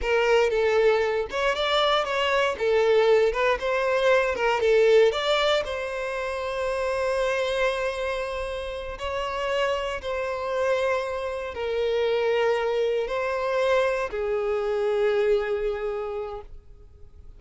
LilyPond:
\new Staff \with { instrumentName = "violin" } { \time 4/4 \tempo 4 = 117 ais'4 a'4. cis''8 d''4 | cis''4 a'4. b'8 c''4~ | c''8 ais'8 a'4 d''4 c''4~ | c''1~ |
c''4. cis''2 c''8~ | c''2~ c''8 ais'4.~ | ais'4. c''2 gis'8~ | gis'1 | }